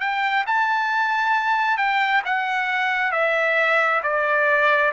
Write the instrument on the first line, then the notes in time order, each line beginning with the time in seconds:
trumpet
0.00 G5
0.47 A5
1.77 G5
2.25 F#5
3.12 E5
4.03 D5